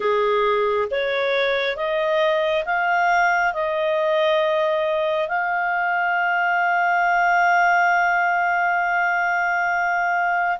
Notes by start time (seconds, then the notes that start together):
0.00 G#4
0.90 C#5
1.76 D#5
2.65 F5
3.53 D#5
5.28 F5